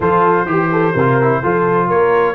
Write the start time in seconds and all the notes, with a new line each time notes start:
0.00 F3 F4 A4 C5
0.45 E3 G4
0.71 A4
0.93 C3 A#4
0.99 F4
1.21 E4
1.42 F3 F4 A4
1.87 A#3 A#4 C#5